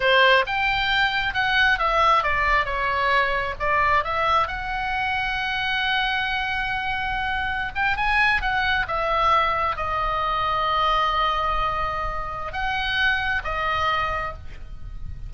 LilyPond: \new Staff \with { instrumentName = "oboe" } { \time 4/4 \tempo 4 = 134 c''4 g''2 fis''4 | e''4 d''4 cis''2 | d''4 e''4 fis''2~ | fis''1~ |
fis''4~ fis''16 g''8 gis''4 fis''4 e''16~ | e''4.~ e''16 dis''2~ dis''16~ | dis''1 | fis''2 dis''2 | }